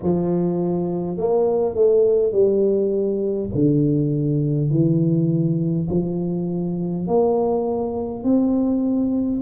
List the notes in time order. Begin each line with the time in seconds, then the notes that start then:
0.02 F3
1.17 A#3
1.74 A3
2.32 G3
3.54 D3
4.70 E3
5.89 F3
7.07 A#3
8.24 C4